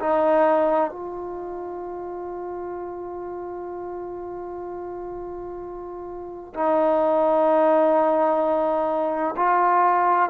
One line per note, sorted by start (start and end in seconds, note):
0.00 0.91 D#4
0.91 6.53 F4
6.54 9.35 D#4
9.37 10.30 F4